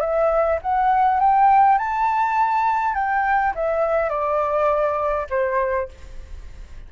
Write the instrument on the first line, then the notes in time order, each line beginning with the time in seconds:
flute
0.00 E5
0.62 F#5
1.20 G5
1.78 A5
2.94 G5
3.55 E5
4.09 D5
5.30 C5